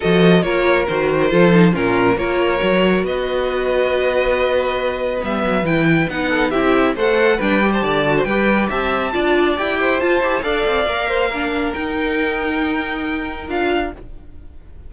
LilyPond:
<<
  \new Staff \with { instrumentName = "violin" } { \time 4/4 \tempo 4 = 138 dis''4 cis''4 c''2 | ais'4 cis''2 dis''4~ | dis''1 | e''4 g''4 fis''4 e''4 |
fis''4 g''8. a''4~ a''16 g''4 | a''2 g''4 a''4 | f''2. g''4~ | g''2. f''4 | }
  \new Staff \with { instrumentName = "violin" } { \time 4/4 a'4 ais'2 a'4 | f'4 ais'2 b'4~ | b'1~ | b'2~ b'8 a'8 g'4 |
c''4 b'8. c''16 d''8. c''16 b'4 | e''4 d''4. c''4. | d''4. c''8 ais'2~ | ais'1 | }
  \new Staff \with { instrumentName = "viola" } { \time 4/4 fis'4 f'4 fis'4 f'8 dis'8 | cis'4 f'4 fis'2~ | fis'1 | b4 e'4 dis'4 e'4 |
a'4 d'8 g'4 fis'8 g'4~ | g'4 f'4 g'4 f'8 g'8 | a'4 ais'4 d'4 dis'4~ | dis'2. f'4 | }
  \new Staff \with { instrumentName = "cello" } { \time 4/4 f4 ais4 dis4 f4 | ais,4 ais4 fis4 b4~ | b1 | g8 fis8 e4 b4 c'4 |
a4 g4 d4 g4 | c'4 d'4 e'4 f'8 e'8 | d'8 c'8 ais2 dis'4~ | dis'2. d'4 | }
>>